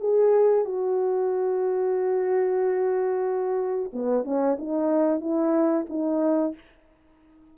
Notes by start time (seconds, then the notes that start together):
0.00 G#4
0.65 F#4
3.93 B3
4.24 C#4
4.58 D#4
5.20 E4
5.89 D#4